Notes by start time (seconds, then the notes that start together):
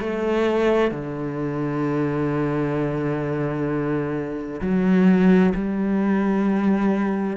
0.00 A3
0.91 D3
4.61 F#3
5.55 G3